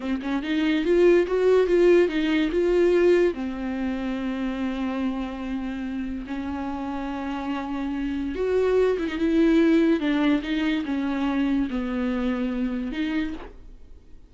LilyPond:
\new Staff \with { instrumentName = "viola" } { \time 4/4 \tempo 4 = 144 c'8 cis'8 dis'4 f'4 fis'4 | f'4 dis'4 f'2 | c'1~ | c'2. cis'4~ |
cis'1 | fis'4. e'16 dis'16 e'2 | d'4 dis'4 cis'2 | b2. dis'4 | }